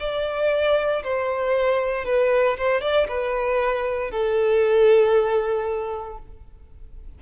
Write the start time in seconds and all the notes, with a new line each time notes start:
0.00 D5
1.04 C5
2.05 B4
2.58 C5
2.82 D5
3.09 B4
4.11 A4